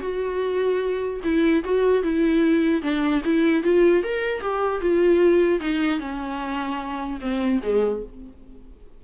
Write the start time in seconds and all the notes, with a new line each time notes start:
0.00 F#4
1.23 E4
1.64 F#4
2.03 E4
2.82 D4
3.24 E4
3.63 F4
4.03 A#4
4.40 G4
4.80 F4
5.59 D#4
5.99 C#4
7.21 C4
7.62 G#3